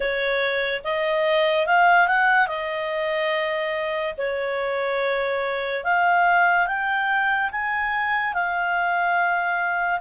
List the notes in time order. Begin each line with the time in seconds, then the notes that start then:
0.00 C#5
0.84 D#5
1.66 F5
2.07 F#5
2.47 D#5
4.17 C#5
5.83 F5
6.66 G5
7.51 G#5
8.33 F5